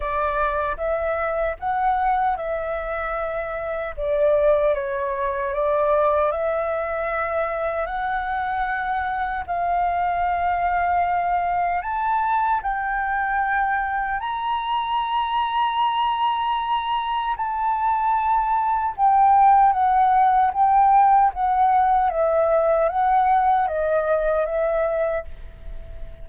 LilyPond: \new Staff \with { instrumentName = "flute" } { \time 4/4 \tempo 4 = 76 d''4 e''4 fis''4 e''4~ | e''4 d''4 cis''4 d''4 | e''2 fis''2 | f''2. a''4 |
g''2 ais''2~ | ais''2 a''2 | g''4 fis''4 g''4 fis''4 | e''4 fis''4 dis''4 e''4 | }